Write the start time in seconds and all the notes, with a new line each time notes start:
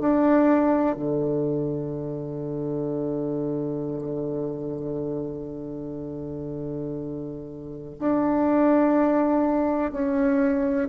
0.00 D4
0.96 D3
7.99 D4
9.91 C#4